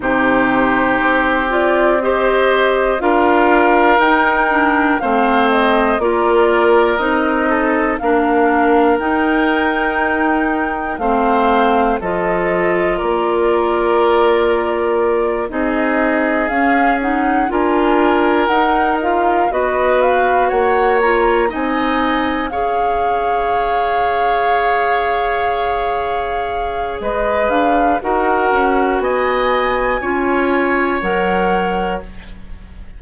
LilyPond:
<<
  \new Staff \with { instrumentName = "flute" } { \time 4/4 \tempo 4 = 60 c''4. d''8 dis''4 f''4 | g''4 f''8 dis''8 d''4 dis''4 | f''4 g''2 f''4 | dis''4 d''2~ d''8 dis''8~ |
dis''8 f''8 fis''8 gis''4 fis''8 f''8 dis''8 | f''8 fis''8 ais''8 gis''4 f''4.~ | f''2. dis''8 f''8 | fis''4 gis''2 fis''4 | }
  \new Staff \with { instrumentName = "oboe" } { \time 4/4 g'2 c''4 ais'4~ | ais'4 c''4 ais'4. a'8 | ais'2. c''4 | a'4 ais'2~ ais'8 gis'8~ |
gis'4. ais'2 b'8~ | b'8 cis''4 dis''4 cis''4.~ | cis''2. b'4 | ais'4 dis''4 cis''2 | }
  \new Staff \with { instrumentName = "clarinet" } { \time 4/4 dis'4. f'8 g'4 f'4 | dis'8 d'8 c'4 f'4 dis'4 | d'4 dis'2 c'4 | f'2.~ f'8 dis'8~ |
dis'8 cis'8 dis'8 f'4 dis'8 f'8 fis'8~ | fis'4 f'8 dis'4 gis'4.~ | gis'1 | fis'2 f'4 ais'4 | }
  \new Staff \with { instrumentName = "bassoon" } { \time 4/4 c4 c'2 d'4 | dis'4 a4 ais4 c'4 | ais4 dis'2 a4 | f4 ais2~ ais8 c'8~ |
c'8 cis'4 d'4 dis'4 b8~ | b8 ais4 c'4 cis'4.~ | cis'2. gis8 d'8 | dis'8 cis'8 b4 cis'4 fis4 | }
>>